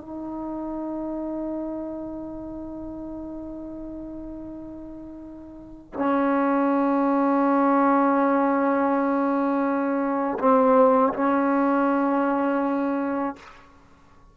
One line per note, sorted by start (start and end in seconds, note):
0.00 5.93 D#4
5.94 10.38 C#4
10.39 11.13 C4
11.13 13.35 C#4